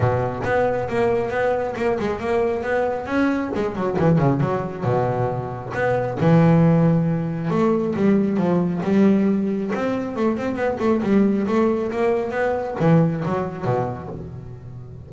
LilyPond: \new Staff \with { instrumentName = "double bass" } { \time 4/4 \tempo 4 = 136 b,4 b4 ais4 b4 | ais8 gis8 ais4 b4 cis'4 | gis8 fis8 e8 cis8 fis4 b,4~ | b,4 b4 e2~ |
e4 a4 g4 f4 | g2 c'4 a8 c'8 | b8 a8 g4 a4 ais4 | b4 e4 fis4 b,4 | }